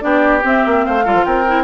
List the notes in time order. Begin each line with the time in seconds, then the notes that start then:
0.00 B3 D4 G4 D5
0.42 C4 E5
0.65 A#3
0.85 A3 C5 F5
1.04 G3 F4 A4
1.13 F3
1.24 C4 A#4 G5
1.47 E4